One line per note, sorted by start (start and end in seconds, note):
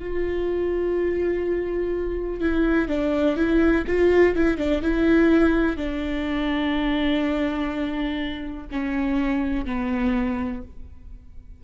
0.00 2.41 F4
2.41 2.89 E4
2.89 3.37 D4
3.37 3.85 E4
3.88 4.36 F4
4.36 4.58 E4
4.58 4.83 D4
4.83 5.77 E4
5.77 8.67 D4
8.72 9.66 C#4
9.66 10.63 B3